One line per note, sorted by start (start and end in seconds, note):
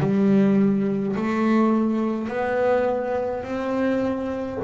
0.00 1.15 G3
1.16 2.28 A3
2.28 3.43 B3
3.43 4.58 C4